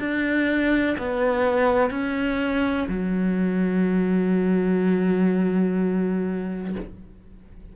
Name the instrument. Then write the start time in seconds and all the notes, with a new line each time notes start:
cello
0.00 D4
0.98 B3
1.90 C#4
2.88 F#3